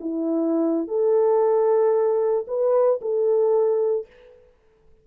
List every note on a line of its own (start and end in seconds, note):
0.00 0.88 E4
0.88 2.45 A4
2.47 3.00 B4
3.01 4.06 A4